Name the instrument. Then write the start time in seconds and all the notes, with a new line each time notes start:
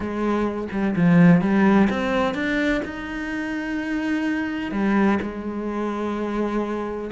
cello
0.00 G#3
0.71 G3
0.96 F3
1.41 G3
1.90 C4
2.34 D4
2.85 D#4
4.71 G3
5.21 G#3